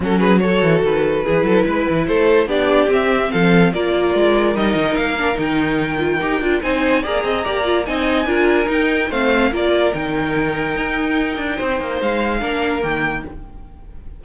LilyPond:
<<
  \new Staff \with { instrumentName = "violin" } { \time 4/4 \tempo 4 = 145 a'8 b'8 cis''4 b'2~ | b'4 c''4 d''4 e''4 | f''4 d''2 dis''4 | f''4 g''2. |
gis''4 ais''2 gis''4~ | gis''4 g''4 f''4 d''4 | g''1~ | g''4 f''2 g''4 | }
  \new Staff \with { instrumentName = "violin" } { \time 4/4 fis'8 gis'8 a'2 gis'8 a'8 | b'4 a'4 g'2 | a'4 ais'2.~ | ais'1 |
c''4 d''8 dis''8 d''4 dis''4 | ais'2 c''4 ais'4~ | ais'1 | c''2 ais'2 | }
  \new Staff \with { instrumentName = "viola" } { \time 4/4 cis'4 fis'2 e'4~ | e'2 d'4 c'4~ | c'4 f'2 dis'4~ | dis'8 d'8 dis'4. f'8 g'8 f'8 |
dis'4 gis'4 g'8 f'8 dis'4 | f'4 dis'4 c'4 f'4 | dis'1~ | dis'2 d'4 ais4 | }
  \new Staff \with { instrumentName = "cello" } { \time 4/4 fis4. e8 dis4 e8 fis8 | gis8 e8 a4 b4 c'4 | f4 ais4 gis4 g8 dis8 | ais4 dis2 dis'8 d'8 |
c'4 ais8 c'8 ais4 c'4 | d'4 dis'4 a4 ais4 | dis2 dis'4. d'8 | c'8 ais8 gis4 ais4 dis4 | }
>>